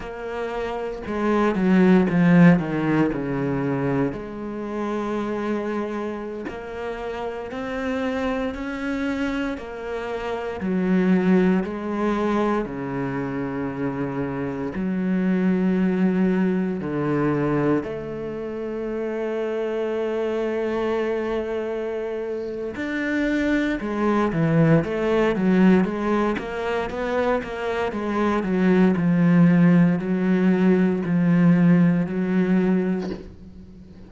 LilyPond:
\new Staff \with { instrumentName = "cello" } { \time 4/4 \tempo 4 = 58 ais4 gis8 fis8 f8 dis8 cis4 | gis2~ gis16 ais4 c'8.~ | c'16 cis'4 ais4 fis4 gis8.~ | gis16 cis2 fis4.~ fis16~ |
fis16 d4 a2~ a8.~ | a2 d'4 gis8 e8 | a8 fis8 gis8 ais8 b8 ais8 gis8 fis8 | f4 fis4 f4 fis4 | }